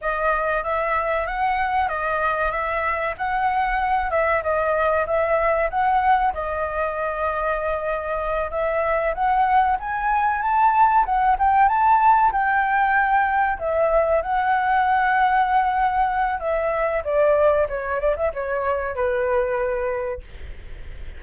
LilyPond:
\new Staff \with { instrumentName = "flute" } { \time 4/4 \tempo 4 = 95 dis''4 e''4 fis''4 dis''4 | e''4 fis''4. e''8 dis''4 | e''4 fis''4 dis''2~ | dis''4. e''4 fis''4 gis''8~ |
gis''8 a''4 fis''8 g''8 a''4 g''8~ | g''4. e''4 fis''4.~ | fis''2 e''4 d''4 | cis''8 d''16 e''16 cis''4 b'2 | }